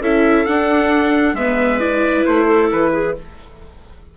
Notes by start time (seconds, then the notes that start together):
0.00 C#4 E4 A4 E5
0.45 D4 F#5
1.33 G#3 B3 B4 E5
1.79 E4 D5
2.26 A3 C5
2.46 A4
2.72 E3 B4
2.92 G#4